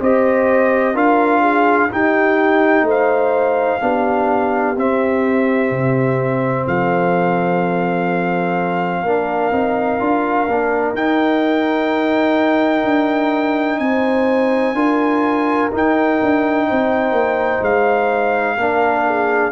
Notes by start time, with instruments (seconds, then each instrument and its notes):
0.00 tuba C4, trombone G4, horn C5, trumpet D#5
0.94 tuba D4, trombone F4, horn A#4, trumpet F5
1.41 horn G#4
1.90 trombone D#4, tuba D#4, horn G4, trumpet G5
2.82 tuba A3, horn C5
2.90 trumpet F5
3.80 tuba B3, trombone D4, horn G4
4.76 tuba C4, trombone C4, trumpet E5
5.71 tuba C3
6.66 tuba F3, horn A4, trumpet F5
9.02 tuba A#3, trombone D4, horn A#4
9.51 tuba C4, trombone D#4
9.99 tuba D4, trombone F4
10.48 tuba A#3, trombone D4
10.93 tuba D#4, trombone D#4, trumpet G5
12.84 tuba D4
13.79 tuba C4, horn C5, trumpet G#5
14.73 tuba D4, trombone F4, horn A#4
15.71 trombone D#4, tuba D#4, trumpet G5
16.22 tuba D4
16.67 tuba C4, horn C5
17.12 tuba A#3
17.61 tuba G#3, trumpet F5
18.56 tuba A#3, trombone D4, horn A#4
19.06 horn G#4